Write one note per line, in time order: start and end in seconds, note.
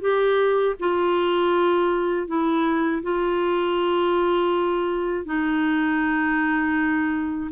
0.00 0.75 G4
0.79 2.27 F4
2.27 3.02 E4
3.02 5.25 F4
5.25 7.50 D#4